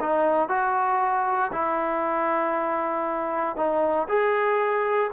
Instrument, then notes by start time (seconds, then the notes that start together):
trombone
0.00 D#4
0.48 F#4
1.52 E4
3.56 D#4
4.08 G#4